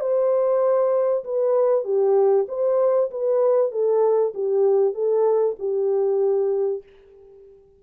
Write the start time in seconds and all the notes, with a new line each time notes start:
0.00 C5
1.24 B4
1.84 G4
2.48 C5
3.10 B4
3.71 A4
4.34 G4
4.94 A4
5.59 G4